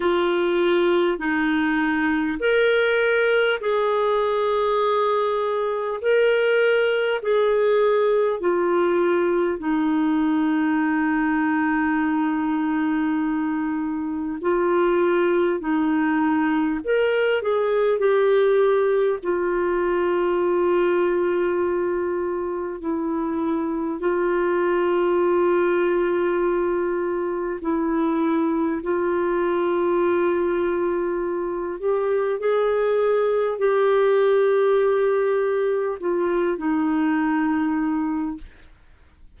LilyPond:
\new Staff \with { instrumentName = "clarinet" } { \time 4/4 \tempo 4 = 50 f'4 dis'4 ais'4 gis'4~ | gis'4 ais'4 gis'4 f'4 | dis'1 | f'4 dis'4 ais'8 gis'8 g'4 |
f'2. e'4 | f'2. e'4 | f'2~ f'8 g'8 gis'4 | g'2 f'8 dis'4. | }